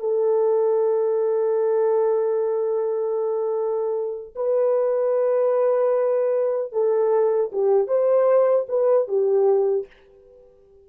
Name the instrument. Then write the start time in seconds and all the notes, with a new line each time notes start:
horn
0.00 A4
4.36 B4
6.72 A4
7.53 G4
7.88 C5
8.69 B4
9.08 G4